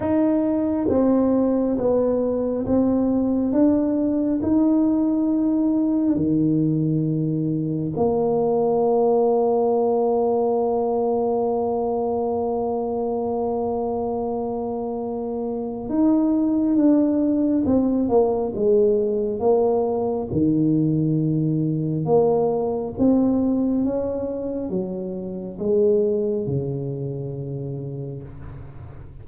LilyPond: \new Staff \with { instrumentName = "tuba" } { \time 4/4 \tempo 4 = 68 dis'4 c'4 b4 c'4 | d'4 dis'2 dis4~ | dis4 ais2.~ | ais1~ |
ais2 dis'4 d'4 | c'8 ais8 gis4 ais4 dis4~ | dis4 ais4 c'4 cis'4 | fis4 gis4 cis2 | }